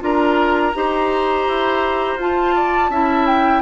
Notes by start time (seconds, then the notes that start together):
0.00 D4 F4 A#4 A#5
0.75 D#4 G4 C5
1.47 E4
2.16 F4 A5
2.55 D5
2.89 C#4 E4 E5
3.26 G5